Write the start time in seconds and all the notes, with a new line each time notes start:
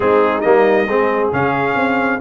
0.00 G#3 C4 D#4 G#4
0.40 G3 A#3 D#5
0.87 G#3 C4 G#4
1.32 C#3 C#4 F5
1.75 C4